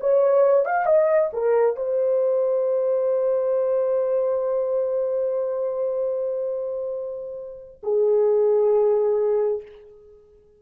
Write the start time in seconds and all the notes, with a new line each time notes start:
0.00 C#5
0.65 F5
0.85 D#5
1.33 A#4
1.76 C5
7.82 G#4